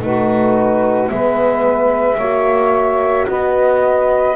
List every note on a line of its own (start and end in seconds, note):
0.00 1.10 A3
0.00 1.07 D#4
0.00 1.11 F#4
0.00 1.09 B4
1.07 2.18 G#3
1.07 2.16 B3
1.07 2.17 B4
1.07 3.27 E5
2.17 3.27 A#3
2.17 4.35 F#4
2.17 3.26 C#5
3.27 4.35 B3
3.27 4.35 B4
3.27 4.35 D#5